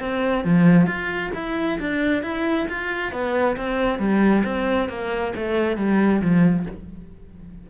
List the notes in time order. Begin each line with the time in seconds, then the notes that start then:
0.00 C4
0.44 F3
0.86 F4
1.34 E4
1.79 D4
2.23 E4
2.69 F4
3.12 B3
3.57 C4
3.99 G3
4.44 C4
4.88 A#3
5.35 A3
5.77 G3
6.21 F3